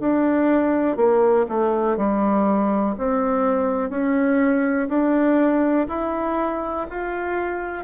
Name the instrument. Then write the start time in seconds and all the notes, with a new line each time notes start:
bassoon
0.00 D4
0.97 A#3
1.49 A3
1.97 G3
2.98 C4
3.90 C#4
4.89 D4
5.88 E4
6.90 F4